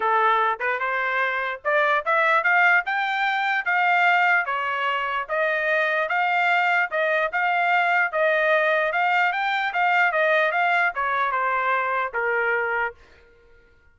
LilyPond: \new Staff \with { instrumentName = "trumpet" } { \time 4/4 \tempo 4 = 148 a'4. b'8 c''2 | d''4 e''4 f''4 g''4~ | g''4 f''2 cis''4~ | cis''4 dis''2 f''4~ |
f''4 dis''4 f''2 | dis''2 f''4 g''4 | f''4 dis''4 f''4 cis''4 | c''2 ais'2 | }